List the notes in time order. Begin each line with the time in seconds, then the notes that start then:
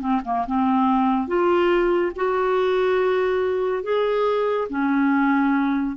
0.00 C4
0.25 A#3
0.46 C4
1.27 F4
2.16 F#4
3.83 G#4
4.69 C#4